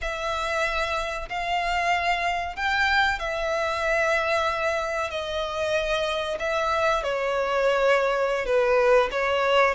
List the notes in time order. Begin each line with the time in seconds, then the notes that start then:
0.01 E5
1.29 F5
2.56 G5
3.19 E5
5.10 D#5
6.39 E5
7.03 C#5
8.45 B4
9.11 C#5